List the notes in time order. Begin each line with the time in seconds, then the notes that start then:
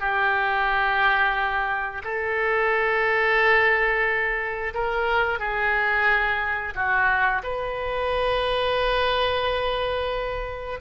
0.00 G4
2.04 A4
4.74 A#4
5.39 G#4
6.75 F#4
7.43 B4